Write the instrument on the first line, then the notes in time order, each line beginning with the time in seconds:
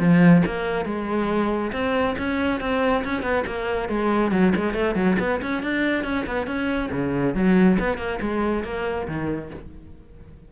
cello
0.00 F3
0.46 A#3
0.86 G#3
1.73 C4
2.19 C#4
2.61 C4
3.05 C#4
3.23 B3
3.47 A#3
3.89 G#3
4.32 F#3
4.56 G#3
4.74 A3
4.96 F#3
5.20 B3
5.43 C#4
5.63 D4
6.05 C#4
6.27 B3
6.47 C#4
6.92 C#3
7.35 F#3
7.80 B3
7.98 A#3
8.22 G#3
8.65 A#3
9.08 D#3